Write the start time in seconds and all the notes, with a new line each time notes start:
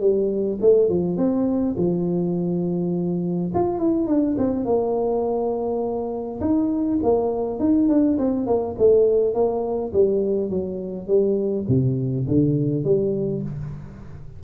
0.00 G3
0.61 A3
0.89 F3
1.17 C4
1.77 F3
3.54 F4
3.78 E4
4.07 D4
4.38 C4
4.65 A#3
6.41 D#4
7.02 A#3
7.59 D#4
7.88 D4
8.18 C4
8.46 A#3
8.78 A3
9.34 A#3
9.93 G3
10.49 F#3
11.07 G3
11.68 C3
12.28 D3
12.84 G3